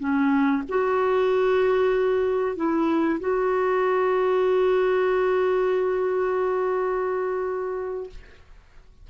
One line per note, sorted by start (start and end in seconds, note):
0.00 0.63 C#4
0.69 2.56 F#4
2.56 3.20 E4
3.20 8.10 F#4